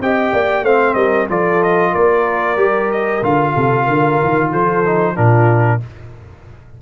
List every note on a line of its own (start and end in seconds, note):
0.00 0.32 C4
0.00 0.66 G4
0.00 0.34 D#5
0.00 0.65 G5
0.33 0.62 A#3
0.33 0.65 D5
0.62 0.94 A3
0.62 1.29 C4
0.62 0.95 C5
0.62 0.94 F5
0.94 1.27 G3
0.94 1.28 A#4
0.94 1.26 D#5
1.29 1.94 F3
1.29 2.57 F4
1.29 1.92 A4
1.29 1.62 D5
1.62 1.94 D#5
1.92 2.56 A#3
1.92 3.53 A#4
1.92 2.91 D5
2.56 3.21 G3
2.56 3.21 G4
2.91 3.23 D#5
3.22 3.54 D3
3.22 4.84 F4
3.22 4.52 F5
3.53 3.87 C3
3.53 3.84 A4
3.84 4.20 D3
3.84 4.49 A#4
4.23 4.53 D#3
4.51 5.17 F3
4.51 5.14 A4
4.51 5.16 C5
4.85 5.15 D#4
5.14 5.82 A#2
5.14 5.80 D4
5.14 5.78 F4
5.14 5.81 A#4